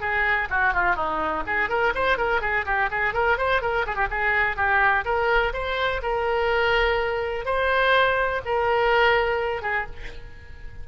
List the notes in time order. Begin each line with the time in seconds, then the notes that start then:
0.00 G#4
0.50 F#4
0.73 F4
0.95 D#4
1.46 G#4
1.69 A#4
1.94 C5
2.17 A#4
2.41 G#4
2.65 G4
2.90 G#4
3.13 A#4
3.37 C5
3.61 A#4
3.86 G#4
3.95 G4
4.10 G#4
4.56 G4
5.04 A#4
5.53 C5
6.02 A#4
7.45 C5
8.45 A#4
9.62 G#4